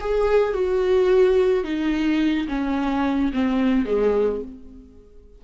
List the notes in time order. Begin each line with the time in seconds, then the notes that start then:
0.00 G#4
0.53 F#4
1.64 D#4
2.48 C#4
3.33 C4
3.85 G#3